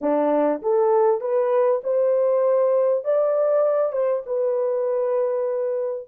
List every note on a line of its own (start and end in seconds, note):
0.01 0.61 D4
0.61 1.20 A4
1.20 1.81 B4
1.83 3.04 C5
3.04 3.92 D5
3.92 4.23 C5
4.26 6.07 B4